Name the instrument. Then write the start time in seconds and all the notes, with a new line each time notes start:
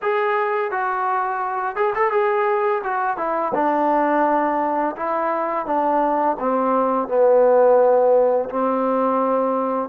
trombone
0.02 G#4
0.71 F#4
1.76 G#4
1.95 A4
2.11 G#4
2.83 F#4
3.17 E4
3.54 D4
4.96 E4
5.66 D4
6.39 C4
7.08 B3
8.49 C4